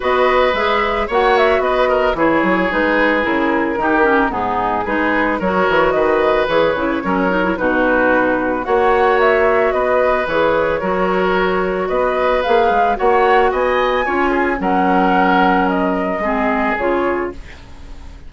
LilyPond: <<
  \new Staff \with { instrumentName = "flute" } { \time 4/4 \tempo 4 = 111 dis''4 e''4 fis''8 e''8 dis''4 | cis''4 b'4 ais'2 | gis'4 b'4 cis''4 dis''4 | cis''2 b'2 |
fis''4 e''4 dis''4 cis''4~ | cis''2 dis''4 f''4 | fis''4 gis''2 fis''4~ | fis''4 dis''2 cis''4 | }
  \new Staff \with { instrumentName = "oboe" } { \time 4/4 b'2 cis''4 b'8 ais'8 | gis'2. g'4 | dis'4 gis'4 ais'4 b'4~ | b'4 ais'4 fis'2 |
cis''2 b'2 | ais'2 b'2 | cis''4 dis''4 cis''8 gis'8 ais'4~ | ais'2 gis'2 | }
  \new Staff \with { instrumentName = "clarinet" } { \time 4/4 fis'4 gis'4 fis'2 | e'4 dis'4 e'4 dis'8 cis'8 | b4 dis'4 fis'2 | gis'8 e'8 cis'8 dis'16 e'16 dis'2 |
fis'2. gis'4 | fis'2. gis'4 | fis'2 f'4 cis'4~ | cis'2 c'4 f'4 | }
  \new Staff \with { instrumentName = "bassoon" } { \time 4/4 b4 gis4 ais4 b4 | e8 fis8 gis4 cis4 dis4 | gis,4 gis4 fis8 e8 dis4 | e8 cis8 fis4 b,2 |
ais2 b4 e4 | fis2 b4 ais8 gis8 | ais4 b4 cis'4 fis4~ | fis2 gis4 cis4 | }
>>